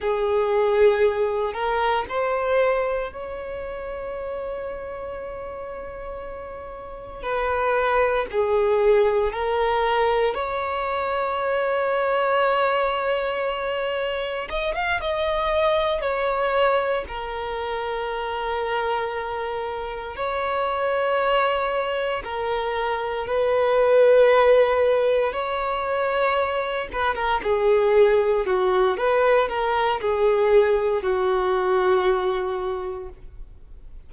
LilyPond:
\new Staff \with { instrumentName = "violin" } { \time 4/4 \tempo 4 = 58 gis'4. ais'8 c''4 cis''4~ | cis''2. b'4 | gis'4 ais'4 cis''2~ | cis''2 dis''16 f''16 dis''4 cis''8~ |
cis''8 ais'2. cis''8~ | cis''4. ais'4 b'4.~ | b'8 cis''4. b'16 ais'16 gis'4 fis'8 | b'8 ais'8 gis'4 fis'2 | }